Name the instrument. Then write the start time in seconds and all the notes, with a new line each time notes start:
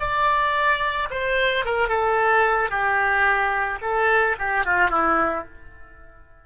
oboe
0.00 D5
1.11 C5
1.66 A#4
1.89 A4
2.70 G4
3.82 A4
4.39 G4
4.66 F4
4.90 E4